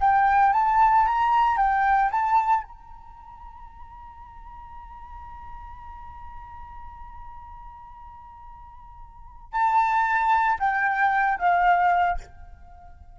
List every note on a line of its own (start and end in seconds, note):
0.00 0.53 G5
0.53 1.06 A5
1.06 1.57 A#5
1.57 2.10 G5
2.10 2.63 A5
2.63 9.52 A#5
9.52 10.58 A5
10.59 11.38 G5
11.38 12.17 F5